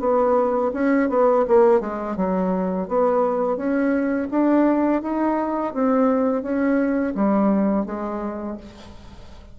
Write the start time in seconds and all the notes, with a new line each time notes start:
0.00 B3
0.74 C#4
1.10 B3
1.48 A#3
1.81 G#3
2.17 F#3
2.88 B3
3.57 C#4
4.31 D4
5.02 D#4
5.74 C4
6.43 C#4
7.15 G3
7.86 G#3